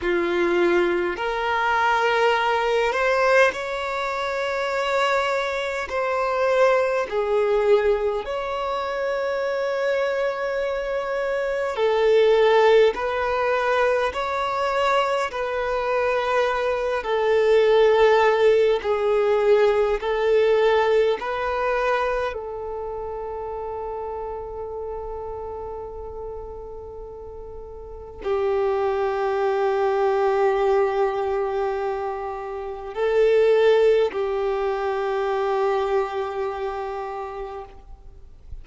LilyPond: \new Staff \with { instrumentName = "violin" } { \time 4/4 \tempo 4 = 51 f'4 ais'4. c''8 cis''4~ | cis''4 c''4 gis'4 cis''4~ | cis''2 a'4 b'4 | cis''4 b'4. a'4. |
gis'4 a'4 b'4 a'4~ | a'1 | g'1 | a'4 g'2. | }